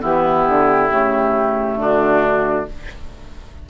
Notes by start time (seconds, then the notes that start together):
0.00 E3 B3 E4 G4
0.47 D3
0.90 C#3 A3
1.76 D3 D4 F#4